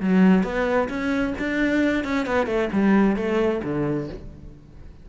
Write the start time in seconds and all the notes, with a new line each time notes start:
0.00 F#3
0.43 B3
0.89 C#4
1.39 D4
2.04 C#4
2.26 B3
2.46 A3
2.73 G3
3.16 A3
3.64 D3